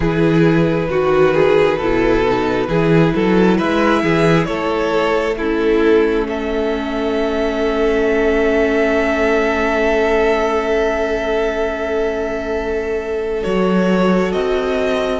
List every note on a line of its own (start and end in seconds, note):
0.00 0.90 E3
0.00 0.90 E4
0.00 0.88 G#4
0.00 3.58 B4
0.90 1.79 D#3
0.90 1.34 F#4
0.90 1.79 F#4
1.34 1.78 G#4
1.78 2.68 B2
1.78 2.25 E4
1.78 2.67 A4
2.25 2.67 D#4
2.67 3.12 E3
2.67 5.36 E4
2.67 3.13 G#4
3.14 3.60 F#3
3.14 3.57 A4
3.57 4.03 G#3
3.57 4.02 B4
3.57 4.45 E5
4.02 4.47 E3
4.02 4.47 G#4
4.45 13.43 A3
4.45 5.37 A4
4.45 5.35 C#5
5.37 13.43 C#4
5.37 6.26 E4
5.37 6.27 A4
6.27 15.20 A4
6.27 13.43 E5
13.43 14.33 F#3
13.43 15.20 F#4
13.43 14.32 C#5
14.32 15.20 C4
14.32 15.20 D#5